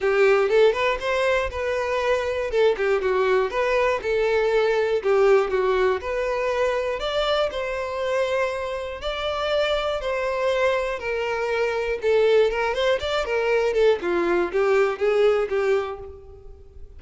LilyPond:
\new Staff \with { instrumentName = "violin" } { \time 4/4 \tempo 4 = 120 g'4 a'8 b'8 c''4 b'4~ | b'4 a'8 g'8 fis'4 b'4 | a'2 g'4 fis'4 | b'2 d''4 c''4~ |
c''2 d''2 | c''2 ais'2 | a'4 ais'8 c''8 d''8 ais'4 a'8 | f'4 g'4 gis'4 g'4 | }